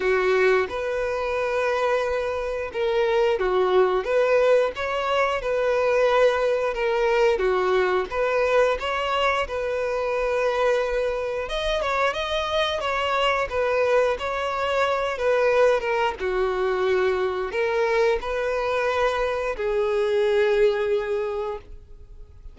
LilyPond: \new Staff \with { instrumentName = "violin" } { \time 4/4 \tempo 4 = 89 fis'4 b'2. | ais'4 fis'4 b'4 cis''4 | b'2 ais'4 fis'4 | b'4 cis''4 b'2~ |
b'4 dis''8 cis''8 dis''4 cis''4 | b'4 cis''4. b'4 ais'8 | fis'2 ais'4 b'4~ | b'4 gis'2. | }